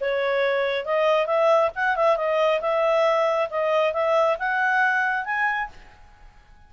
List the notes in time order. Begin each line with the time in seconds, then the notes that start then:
0.00 C#5
0.85 D#5
1.26 E5
1.75 F#5
1.96 E5
2.16 D#5
2.60 E5
3.50 D#5
3.93 E5
4.39 F#5
5.25 G#5